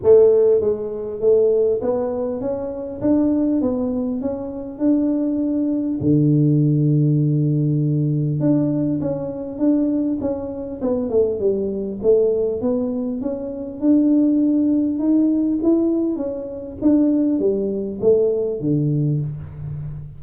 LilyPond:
\new Staff \with { instrumentName = "tuba" } { \time 4/4 \tempo 4 = 100 a4 gis4 a4 b4 | cis'4 d'4 b4 cis'4 | d'2 d2~ | d2 d'4 cis'4 |
d'4 cis'4 b8 a8 g4 | a4 b4 cis'4 d'4~ | d'4 dis'4 e'4 cis'4 | d'4 g4 a4 d4 | }